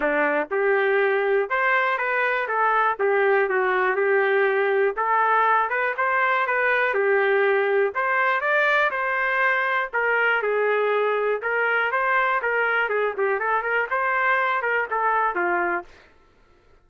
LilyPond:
\new Staff \with { instrumentName = "trumpet" } { \time 4/4 \tempo 4 = 121 d'4 g'2 c''4 | b'4 a'4 g'4 fis'4 | g'2 a'4. b'8 | c''4 b'4 g'2 |
c''4 d''4 c''2 | ais'4 gis'2 ais'4 | c''4 ais'4 gis'8 g'8 a'8 ais'8 | c''4. ais'8 a'4 f'4 | }